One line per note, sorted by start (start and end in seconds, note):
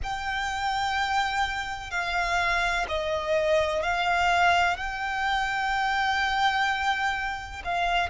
0.03 1.90 G5
1.90 2.86 F5
2.88 3.83 D#5
3.83 4.76 F5
4.76 7.62 G5
7.64 8.10 F5